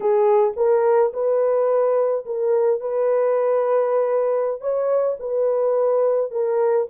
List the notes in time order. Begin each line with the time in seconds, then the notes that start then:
0.00 G#4
0.56 A#4
1.13 B4
2.25 A#4
2.80 B4
4.60 C#5
5.19 B4
6.31 A#4